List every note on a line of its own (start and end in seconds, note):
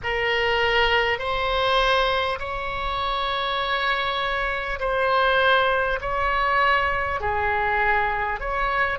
0.03 1.18 A#4
1.18 2.38 C5
2.39 4.79 C#5
4.79 5.99 C5
6.01 7.20 C#5
7.20 8.39 G#4
8.39 8.98 C#5